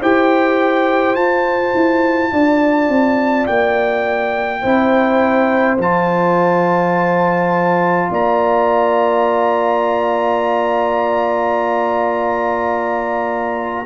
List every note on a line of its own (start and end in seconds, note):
0.00 1.15 E4
0.00 1.16 G4
0.00 2.31 C5
0.00 1.15 G5
1.15 1.72 F4
1.15 4.62 F4
1.15 3.46 A5
1.74 2.31 E4
2.32 2.88 D4
2.32 4.61 D5
2.88 3.46 C4
3.46 4.64 A#3
3.46 5.77 G5
4.61 5.78 C4
4.61 5.77 E4
4.61 8.07 C5
5.78 8.08 F3
5.78 13.85 F4
5.78 8.11 A5
8.10 13.85 A#3
8.10 13.85 D5
8.10 13.85 A#5